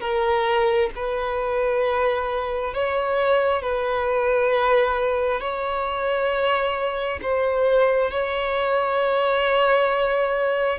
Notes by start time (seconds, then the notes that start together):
0.00 A#4
0.95 B4
2.74 C#5
3.62 B4
5.40 C#5
7.22 C5
8.10 C#5